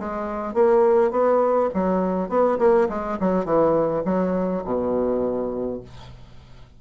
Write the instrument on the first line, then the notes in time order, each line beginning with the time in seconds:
bassoon
0.00 G#3
0.54 A#3
1.11 B3
1.74 F#3
2.29 B3
2.59 A#3
2.89 G#3
3.20 F#3
3.45 E3
4.05 F#3
4.65 B2